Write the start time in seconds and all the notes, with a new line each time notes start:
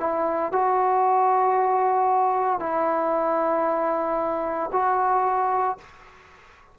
0.00 E4
0.52 F#4
2.60 E4
4.73 F#4